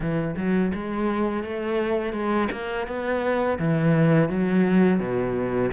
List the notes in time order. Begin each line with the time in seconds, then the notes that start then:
0.00 E3
0.36 F#3
0.74 G#3
1.43 A3
2.12 G#3
2.51 A#3
2.87 B3
3.58 E3
4.29 F#3
4.99 B2